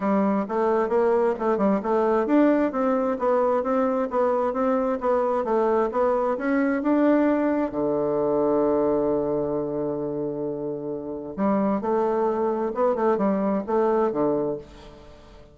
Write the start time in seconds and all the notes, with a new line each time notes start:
0.00 G3
0.48 A3
0.88 A#3
1.39 A3
1.57 G3
1.82 A3
2.26 D4
2.71 C4
3.18 B3
3.63 C4
4.10 B3
4.53 C4
5.00 B3
5.44 A3
5.91 B3
6.37 C#4
6.82 D4
7.71 D3
11.36 G3
11.81 A3
12.74 B3
12.95 A3
13.17 G3
13.67 A3
14.12 D3